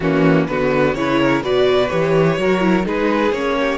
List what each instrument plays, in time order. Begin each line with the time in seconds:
0.00 cello E3, viola A#3, violin C#4 F#4
0.47 cello D3, viola B3, violin F#4 B4
0.94 cello C#3, viola E4, violin B4 C#5
1.20 violin A#4
1.43 cello B2, viola F#4, violin B4 D5
1.89 cello E3, viola G4, violin C#5
2.37 cello F#3, viola F#4, violin A#4
2.60 viola E4
2.83 cello G#3, viola D#4, violin G#4 B4
3.31 cello A#3, viola C#4, violin C#5
3.59 violin G4